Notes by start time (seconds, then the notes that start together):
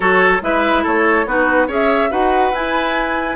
0.00 F#3 F#4 A4 C#5
0.41 G#3 E4 B4 E5
0.83 A3 A4 C#5
1.25 B3 D#4 F#4 B4
1.67 C#4 G#4 C#5 E5
2.10 D#4 F#4 B4 F#5
2.51 E4 G#5